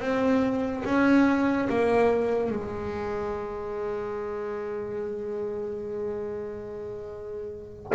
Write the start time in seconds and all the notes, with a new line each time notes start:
0.00 C4
0.85 C#4
1.69 A#3
2.51 G#3